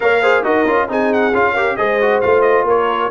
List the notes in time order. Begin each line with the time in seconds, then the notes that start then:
0.00 A#3 A#4 C#5 F5
0.22 G#4 C5
0.43 D#4 F#4 A#4 D#5
0.66 C#4 F4
0.88 C4 D#4 G#4 G#5
1.13 F#5
1.33 C#4 F4 F5
1.52 G4 A#4
1.76 G#3 G#4 C5 D#5
2.01 F#4
2.21 A3 F4 F5
2.41 D#5
2.63 A#3 A#4 C#5